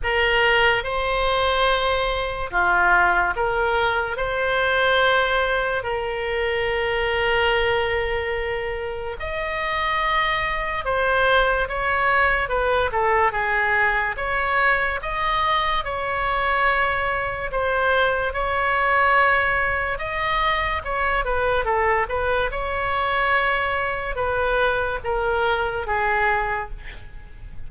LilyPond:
\new Staff \with { instrumentName = "oboe" } { \time 4/4 \tempo 4 = 72 ais'4 c''2 f'4 | ais'4 c''2 ais'4~ | ais'2. dis''4~ | dis''4 c''4 cis''4 b'8 a'8 |
gis'4 cis''4 dis''4 cis''4~ | cis''4 c''4 cis''2 | dis''4 cis''8 b'8 a'8 b'8 cis''4~ | cis''4 b'4 ais'4 gis'4 | }